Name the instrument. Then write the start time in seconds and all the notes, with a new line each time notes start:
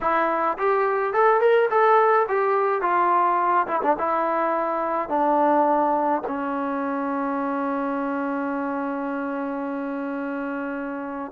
trombone
0.01 E4
0.58 G4
1.13 A4
1.40 A#4
1.70 A4
2.28 G4
2.81 F4
3.67 E4
3.82 D4
3.98 E4
5.08 D4
6.27 C#4